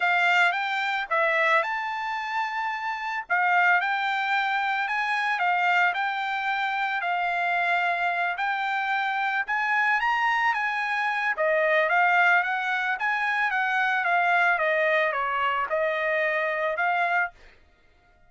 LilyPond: \new Staff \with { instrumentName = "trumpet" } { \time 4/4 \tempo 4 = 111 f''4 g''4 e''4 a''4~ | a''2 f''4 g''4~ | g''4 gis''4 f''4 g''4~ | g''4 f''2~ f''8 g''8~ |
g''4. gis''4 ais''4 gis''8~ | gis''4 dis''4 f''4 fis''4 | gis''4 fis''4 f''4 dis''4 | cis''4 dis''2 f''4 | }